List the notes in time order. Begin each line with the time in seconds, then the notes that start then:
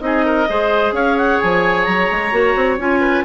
0.00 C4 D#4 G#4 D#5
0.25 A#4
0.48 G#3 G#4 C5
0.92 C#4 C#5 F5
1.17 F#5
1.40 F3 G#5
1.84 F#3 A#5
2.10 G#3
2.32 A#3 F#4
2.55 C4
2.78 C#4 F4 G#5
3.00 B4